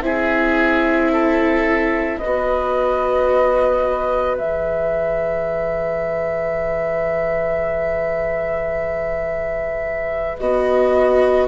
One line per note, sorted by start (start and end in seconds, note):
0.00 2.18 C4
0.00 2.20 E4
0.00 1.12 G#4
0.00 2.18 E5
1.12 2.19 A4
2.18 11.47 B4
2.18 4.36 D#5
2.24 4.39 B3
2.24 4.40 F#4
4.37 10.39 E3
4.37 10.40 G#4
4.37 10.37 E5
10.38 11.47 B3
10.38 11.47 F#4
10.38 11.47 D#5